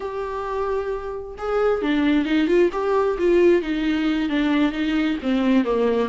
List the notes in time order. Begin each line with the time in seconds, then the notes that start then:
0.00 G4
1.38 G#4
1.82 D4
2.25 D#4
2.47 F4
2.72 G4
3.18 F4
3.62 D#4
4.29 D4
4.71 D#4
5.22 C4
5.64 A#3